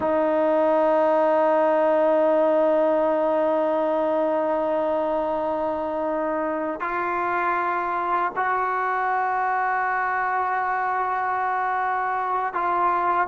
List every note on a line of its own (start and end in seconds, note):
0.00 6.80 D#4
6.80 8.32 F4
8.36 12.53 F#4
12.53 13.27 F4